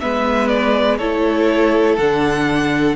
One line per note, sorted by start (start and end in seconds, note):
0.00 1.01 G#3
0.00 1.00 B3
0.00 0.98 B4
0.00 0.48 E5
0.48 0.98 D5
0.98 1.98 A3
0.98 1.99 E4
0.98 2.95 A4
0.98 1.97 C#5
1.98 2.96 D3
1.98 2.96 D4
1.98 2.96 F#5